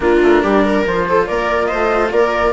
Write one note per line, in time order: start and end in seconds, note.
0.00 0.21 A#3
0.00 0.85 D4
0.00 0.42 F4
0.00 0.85 A#4
0.22 0.43 A3
0.42 0.85 G3
0.42 0.63 G4
0.64 1.06 A#4
0.85 1.28 F3
0.85 2.52 F4
0.85 1.27 C5
1.08 1.28 A4
1.27 1.71 A#3
1.27 1.67 A#4
1.27 1.66 D5
1.66 2.10 C5
1.66 2.08 D#5
1.73 2.12 A3
2.11 2.52 A#3
2.11 2.52 A#4
2.11 2.52 D5